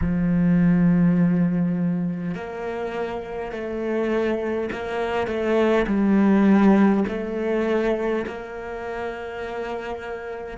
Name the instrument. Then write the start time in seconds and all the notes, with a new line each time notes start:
cello
0.01 F3
2.34 A#3
3.51 A3
4.72 A#3
5.27 A3
5.86 G3
7.07 A3
8.26 A#3